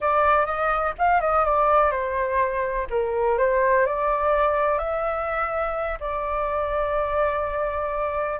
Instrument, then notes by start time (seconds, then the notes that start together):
flute
0.00 D5
0.45 D#5
0.98 F5
1.20 D#5
1.44 D5
1.91 C5
2.90 A#4
3.38 C5
3.86 D5
4.78 E5
6.00 D5